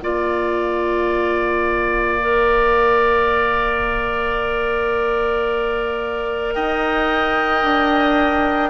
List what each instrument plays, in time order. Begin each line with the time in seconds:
0.00 bassoon A#3, clarinet F4, oboe D5, flute F5
2.20 clarinet A#4
6.54 bassoon D#4, oboe D#5, flute G5
7.63 bassoon D4